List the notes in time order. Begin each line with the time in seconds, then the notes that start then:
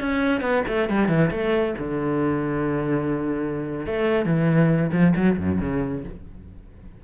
0.00 C#4
0.41 B3
0.67 A3
0.89 G3
1.08 E3
1.31 A3
1.78 D3
3.86 A3
4.25 E3
4.92 F3
5.16 F#3
5.38 F#2
5.60 C#3